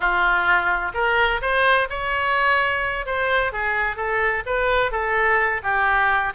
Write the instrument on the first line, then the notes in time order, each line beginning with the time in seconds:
oboe
0.00 F4
0.94 A#4
1.41 C5
1.89 C#5
3.06 C5
3.52 G#4
3.96 A4
4.46 B4
4.91 A4
5.62 G4